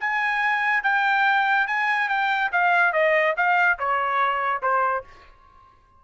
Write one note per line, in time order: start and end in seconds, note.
0.00 0.83 G#5
0.83 1.67 G5
1.67 2.09 G#5
2.09 2.51 G5
2.52 2.93 F5
2.93 3.35 D#5
3.37 3.79 F5
3.79 4.62 C#5
4.62 5.04 C5